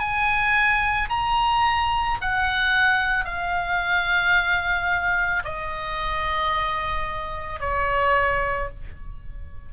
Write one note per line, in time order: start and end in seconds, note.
0.00 1.09 G#5
1.10 2.19 A#5
2.22 3.25 F#5
3.25 5.43 F5
5.45 7.60 D#5
7.60 8.69 C#5